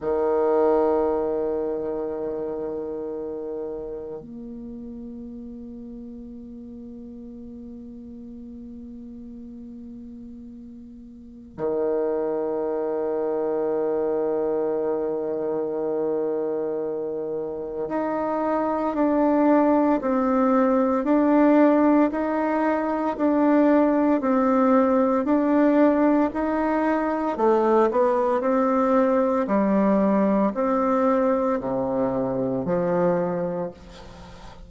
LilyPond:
\new Staff \with { instrumentName = "bassoon" } { \time 4/4 \tempo 4 = 57 dis1 | ais1~ | ais2. dis4~ | dis1~ |
dis4 dis'4 d'4 c'4 | d'4 dis'4 d'4 c'4 | d'4 dis'4 a8 b8 c'4 | g4 c'4 c4 f4 | }